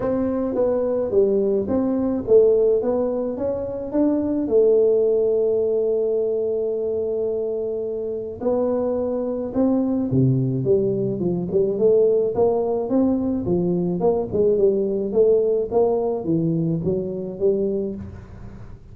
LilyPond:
\new Staff \with { instrumentName = "tuba" } { \time 4/4 \tempo 4 = 107 c'4 b4 g4 c'4 | a4 b4 cis'4 d'4 | a1~ | a2. b4~ |
b4 c'4 c4 g4 | f8 g8 a4 ais4 c'4 | f4 ais8 gis8 g4 a4 | ais4 e4 fis4 g4 | }